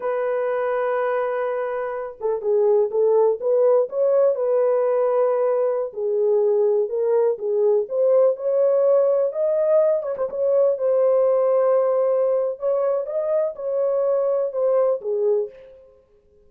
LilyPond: \new Staff \with { instrumentName = "horn" } { \time 4/4 \tempo 4 = 124 b'1~ | b'8 a'8 gis'4 a'4 b'4 | cis''4 b'2.~ | b'16 gis'2 ais'4 gis'8.~ |
gis'16 c''4 cis''2 dis''8.~ | dis''8. cis''16 c''16 cis''4 c''4.~ c''16~ | c''2 cis''4 dis''4 | cis''2 c''4 gis'4 | }